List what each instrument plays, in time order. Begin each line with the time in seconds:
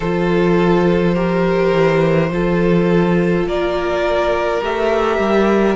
0.00 cello F3, viola F4, violin A4 C5
1.14 viola G4, violin A#4
1.73 cello E3
2.30 cello F3, viola F4, violin A4
3.46 cello A#3, violin A#4 D5
4.62 cello A3, viola G4, violin E5
5.18 cello G3